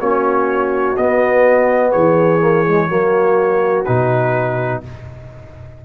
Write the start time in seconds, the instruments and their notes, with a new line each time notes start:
0.00 tuba A#3, trombone C#4, horn F#4, trumpet C#5
0.97 tuba B3, trombone B3, trumpet D#5
1.92 tuba E3, horn G#4, trumpet C#5
2.41 trombone A#3
2.66 trombone G#3
2.88 tuba F#3, trombone A#3, horn F#4
3.85 tuba B2, trombone D#4, trumpet B4